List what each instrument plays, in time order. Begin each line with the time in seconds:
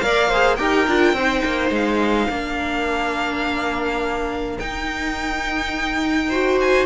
0.00 cello A#3, viola A#4, violin D5 F5
0.28 viola G#4, violin C5
0.55 cello D#4, viola G4, violin A#4 G5
0.87 cello D4, viola F4
1.13 cello C4, viola D#4, violin C5
1.45 cello A#3
1.70 cello G#3, violin F5
2.29 cello A#3, viola D4, violin A#4
4.59 cello D#4, viola D#4, violin G5
6.29 viola F#4, violin C5
6.60 violin G#5